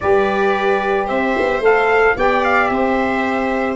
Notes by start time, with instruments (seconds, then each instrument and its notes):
0.00 tuba G3, saxophone G4, viola B4, trumpet D5
1.06 tuba C4, viola C5, trumpet E5
1.38 tuba B3
1.59 tuba A3, saxophone A4, trumpet F5
2.16 tuba B3, saxophone G4, viola D5, trumpet G5
2.44 trumpet F5
2.68 tuba C4, viola C5, trumpet E5